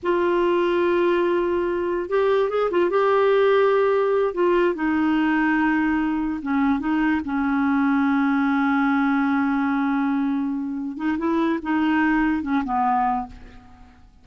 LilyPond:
\new Staff \with { instrumentName = "clarinet" } { \time 4/4 \tempo 4 = 145 f'1~ | f'4 g'4 gis'8 f'8 g'4~ | g'2~ g'8 f'4 dis'8~ | dis'2.~ dis'8 cis'8~ |
cis'8 dis'4 cis'2~ cis'8~ | cis'1~ | cis'2~ cis'8 dis'8 e'4 | dis'2 cis'8 b4. | }